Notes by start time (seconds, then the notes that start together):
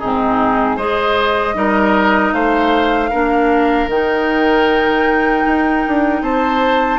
0.00 G#2 C4 D#4 G#4
0.77 G#3 G#4 C5 D#5
1.54 G3 D#4 A#4
2.33 A3 C5 F5
3.11 A#3 D4 A#4
3.87 D#3 D#4 G5
5.47 D#4
5.88 D4
6.22 C4 C5 A5